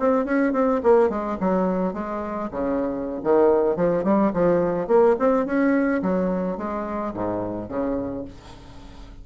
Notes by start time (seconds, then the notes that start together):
0.00 C4
0.26 C#4
0.53 C4
0.84 A#3
1.10 G#3
1.41 F#3
1.94 G#3
2.52 C#3
3.24 D#3
3.77 F3
4.05 G3
4.34 F3
4.88 A#3
5.19 C4
5.46 C#4
6.03 F#3
6.58 G#3
7.14 G#2
7.69 C#3